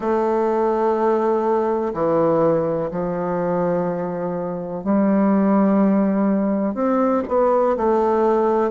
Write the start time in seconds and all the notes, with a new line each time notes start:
0.00 A3
1.94 E3
2.90 F3
4.84 G3
6.74 C4
7.28 B3
7.76 A3